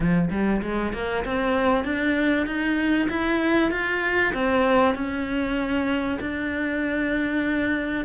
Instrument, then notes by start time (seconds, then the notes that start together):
cello
0.00 F3
0.30 G3
0.62 G#3
0.93 A#3
1.24 C4
1.84 D4
2.46 D#4
3.09 E4
3.71 F4
4.33 C4
4.95 C#4
6.20 D4